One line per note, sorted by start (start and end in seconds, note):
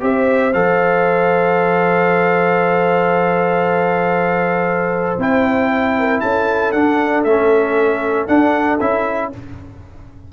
0.00 0.54 C4
0.00 0.52 G4
0.00 5.97 C5
0.00 0.53 E5
0.53 5.18 F3
0.53 5.19 A4
0.53 5.18 F5
5.18 6.21 C4
5.18 6.74 E4
5.18 6.20 G5
5.99 6.22 A#4
6.20 6.73 C#4
6.20 9.32 A4
6.20 6.72 A5
6.72 7.24 D4
6.72 7.26 D4
6.72 7.23 F#5
7.24 8.28 A3
7.24 8.28 C#4
7.24 8.27 E5
8.27 8.79 D4
8.27 8.79 F#5
8.80 9.33 C#4
8.80 9.32 E4
8.80 9.32 E5